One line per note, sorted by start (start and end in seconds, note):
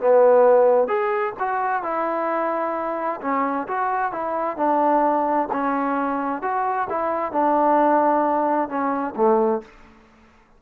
0.00 0.87 B3
0.87 1.33 G#4
1.39 1.83 F#4
1.83 3.20 E4
3.21 3.67 C#4
3.68 4.12 F#4
4.12 4.56 E4
4.56 5.48 D4
5.52 6.42 C#4
6.42 6.88 F#4
6.89 7.32 E4
7.32 8.68 D4
8.68 9.14 C#4
9.16 9.61 A3